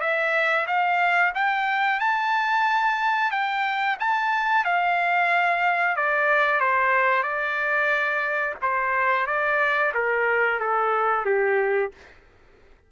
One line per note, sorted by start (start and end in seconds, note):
0.00 0.66 E5
0.67 1.32 F5
1.34 2.00 G5
2.00 3.31 A5
3.31 3.97 G5
3.99 4.64 A5
4.64 5.96 F5
5.96 6.60 D5
6.60 7.22 C5
7.22 8.54 D5
8.62 9.26 C5
9.26 9.92 D5
9.94 10.59 A#4
10.59 11.25 A4
11.25 11.91 G4